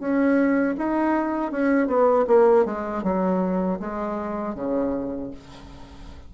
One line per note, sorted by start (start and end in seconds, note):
0.00 0.76 C#4
0.78 1.52 D#4
1.52 1.88 C#4
1.88 2.26 B3
2.28 2.65 A#3
2.65 3.03 G#3
3.04 3.80 F#3
3.80 4.55 G#3
4.55 5.31 C#3